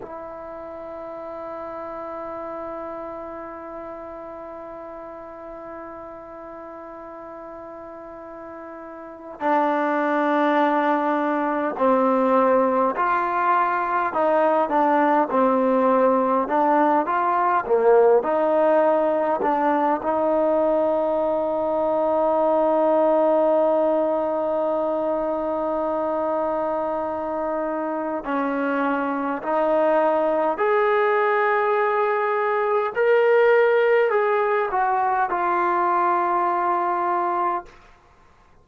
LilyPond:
\new Staff \with { instrumentName = "trombone" } { \time 4/4 \tempo 4 = 51 e'1~ | e'1 | d'2 c'4 f'4 | dis'8 d'8 c'4 d'8 f'8 ais8 dis'8~ |
dis'8 d'8 dis'2.~ | dis'1 | cis'4 dis'4 gis'2 | ais'4 gis'8 fis'8 f'2 | }